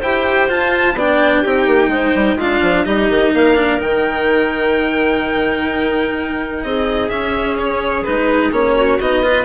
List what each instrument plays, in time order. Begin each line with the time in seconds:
0.00 bassoon E4, cello G4, clarinet C5, violin G5
0.49 cello F4, bassoon F4, violin A5
0.95 bassoon B3, cello D4, clarinet D5, violin G5
1.42 bassoon C4, cello D#4, clarinet G4
1.67 bassoon A#3
1.88 bassoon G#3, clarinet C5
2.15 bassoon G3
2.36 bassoon G#3, cello D4, clarinet F4, violin F5
2.62 bassoon F3
2.85 bassoon G3, cello D#4, clarinet G4, violin D#5
3.10 bassoon D#3
3.34 bassoon A#3, clarinet A#4, violin F5
3.56 cello D4
3.79 bassoon D#3, cello D#4, violin G5
6.63 bassoon C4, clarinet G#4, violin D#5
7.10 bassoon C#4, cello C#4, violin E5
7.59 violin C#5
8.04 bassoon G#3, cello D#4, violin B4
8.52 bassoon A#3, cello C#4, violin C#5
8.76 clarinet F#4
9.00 bassoon B3, cello D#4, violin D#5
9.23 cello F4, clarinet B4